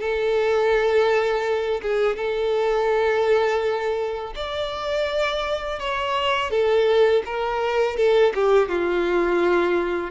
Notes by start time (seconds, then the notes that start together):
0.00 A4
1.82 G#4
2.16 A4
4.35 D5
5.79 C#5
6.51 A4
7.25 A#4
7.96 A4
8.35 G4
8.68 F4